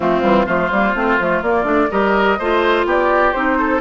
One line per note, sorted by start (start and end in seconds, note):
0.00 0.22 F3
0.00 0.21 A3
0.00 0.46 C4
0.00 0.46 F4
0.21 0.46 E3
0.21 0.45 G3
0.46 0.70 F3
0.46 0.70 A3
0.46 1.89 F4
0.46 1.41 C5
0.70 0.94 G3
0.70 0.95 A#3
0.94 1.18 A3
0.94 1.19 C4
1.19 1.42 F3
1.19 1.44 A3
1.42 1.64 A#3
1.42 1.90 D5
1.64 1.88 A3
1.64 1.88 D4
1.90 2.39 G3
1.90 2.38 G4
1.90 2.38 A#4
1.90 2.86 D#5
2.38 2.85 A3
2.38 3.34 F4
2.38 2.86 C5
2.85 3.33 B3
2.85 3.58 G4
2.85 3.33 D5
3.33 3.81 C4
3.33 3.81 D#4
3.33 3.80 C5
3.58 3.81 A4